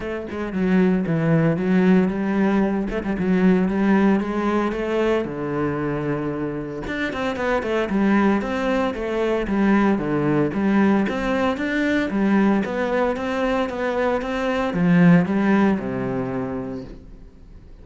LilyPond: \new Staff \with { instrumentName = "cello" } { \time 4/4 \tempo 4 = 114 a8 gis8 fis4 e4 fis4 | g4. a16 g16 fis4 g4 | gis4 a4 d2~ | d4 d'8 c'8 b8 a8 g4 |
c'4 a4 g4 d4 | g4 c'4 d'4 g4 | b4 c'4 b4 c'4 | f4 g4 c2 | }